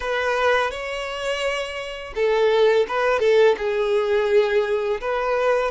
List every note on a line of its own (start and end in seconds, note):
0.00 0.70 B4
0.70 2.13 C#5
2.15 2.86 A4
2.88 3.19 B4
3.19 3.55 A4
3.57 5.00 G#4
5.00 5.71 B4